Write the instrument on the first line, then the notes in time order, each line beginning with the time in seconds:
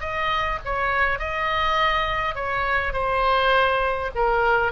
oboe
0.00 D#5
0.65 C#5
1.19 D#5
2.35 C#5
2.93 C5
4.15 A#4